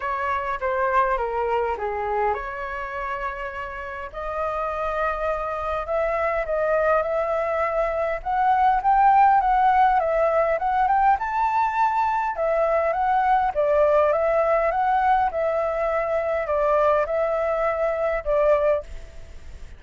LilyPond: \new Staff \with { instrumentName = "flute" } { \time 4/4 \tempo 4 = 102 cis''4 c''4 ais'4 gis'4 | cis''2. dis''4~ | dis''2 e''4 dis''4 | e''2 fis''4 g''4 |
fis''4 e''4 fis''8 g''8 a''4~ | a''4 e''4 fis''4 d''4 | e''4 fis''4 e''2 | d''4 e''2 d''4 | }